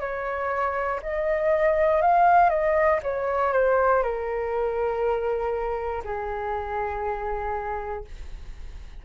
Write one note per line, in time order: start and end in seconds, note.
0.00 1.00 C#5
1.02 2.01 D#5
2.01 2.50 F5
2.50 3.00 D#5
3.03 3.53 C#5
3.53 4.03 C5
4.03 6.03 A#4
6.04 8.04 G#4